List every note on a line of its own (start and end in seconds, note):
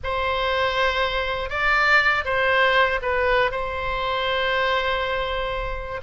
0.03 1.49 C5
1.49 2.24 D5
2.25 3.00 C5
3.01 3.51 B4
3.51 6.01 C5